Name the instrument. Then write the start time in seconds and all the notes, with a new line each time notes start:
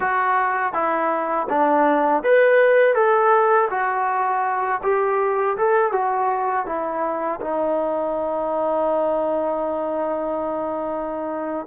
trombone
0.00 F#4
0.73 E4
1.49 D4
2.23 B4
2.95 A4
3.70 F#4
4.82 G4
5.57 A4
5.92 F#4
6.65 E4
7.40 D#4